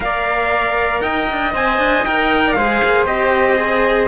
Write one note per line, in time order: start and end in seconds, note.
0.00 1.00 A#3
0.00 1.52 A#4
0.00 1.02 D5
0.00 1.01 F5
1.01 1.27 D#4
1.01 2.43 D#5
1.01 1.52 G5
1.31 1.54 D4
1.53 1.78 C4
1.53 2.04 C5
1.53 2.05 G#5
1.78 2.04 D4
2.04 2.55 D#4
2.04 2.57 A#4
2.04 2.53 G5
2.46 2.56 D5
2.53 2.81 G#3
2.53 3.06 G#4
2.53 4.08 C5
2.53 3.04 F5
2.83 3.05 A#3
3.05 4.08 C4
3.05 3.56 G4
3.05 4.08 D#5
3.56 4.07 G#4